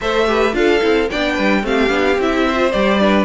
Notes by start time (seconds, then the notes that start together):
0.01 A3 A4 C5 E5
0.27 G4 B4
0.52 D4 F4 A4 F5
0.80 C4 E4
1.10 B3 D4 D5 G5
1.33 G3 B4
1.62 A3 C4 G4 F5
1.88 B3 D4
2.18 C4 E4 E5
2.46 C5
2.55 F4
2.71 G3 G4 D5
2.99 D4 B4